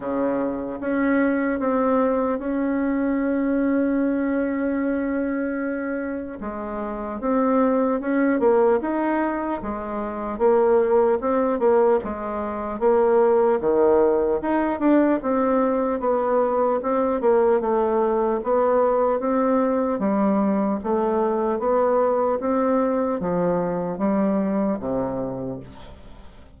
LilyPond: \new Staff \with { instrumentName = "bassoon" } { \time 4/4 \tempo 4 = 75 cis4 cis'4 c'4 cis'4~ | cis'1 | gis4 c'4 cis'8 ais8 dis'4 | gis4 ais4 c'8 ais8 gis4 |
ais4 dis4 dis'8 d'8 c'4 | b4 c'8 ais8 a4 b4 | c'4 g4 a4 b4 | c'4 f4 g4 c4 | }